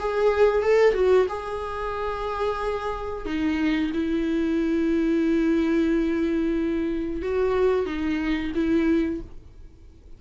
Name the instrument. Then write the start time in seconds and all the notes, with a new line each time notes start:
viola
0.00 G#4
0.63 A4
0.94 F#4
1.29 G#4
3.26 D#4
3.94 E4
7.23 F#4
7.86 D#4
8.55 E4